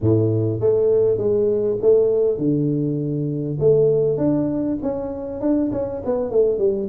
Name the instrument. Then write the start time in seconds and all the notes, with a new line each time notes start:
tuba
0.00 A2
0.60 A3
1.17 G#3
1.81 A3
2.38 D3
3.59 A3
4.17 D4
4.82 C#4
5.40 D4
5.72 C#4
6.05 B3
6.30 A3
6.58 G3